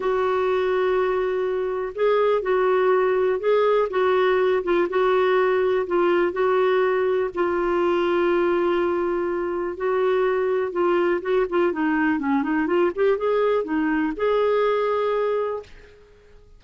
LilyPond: \new Staff \with { instrumentName = "clarinet" } { \time 4/4 \tempo 4 = 123 fis'1 | gis'4 fis'2 gis'4 | fis'4. f'8 fis'2 | f'4 fis'2 f'4~ |
f'1 | fis'2 f'4 fis'8 f'8 | dis'4 cis'8 dis'8 f'8 g'8 gis'4 | dis'4 gis'2. | }